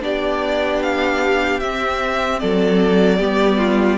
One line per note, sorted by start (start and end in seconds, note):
0.00 1.61 B3
0.00 1.60 D4
0.00 2.40 G4
0.00 0.82 D5
0.82 1.59 F5
1.59 2.41 C4
1.59 3.19 C4
1.59 2.39 E5
2.39 3.20 F#3
2.39 3.18 A4
2.39 3.97 D5
3.18 3.97 G3
3.18 3.97 B3
3.18 3.58 G4
3.58 3.97 F4